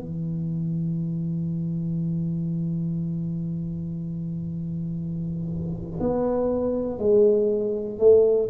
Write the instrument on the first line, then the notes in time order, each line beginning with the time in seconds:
tuba
0.00 E3
6.00 B3
6.99 G#3
7.99 A3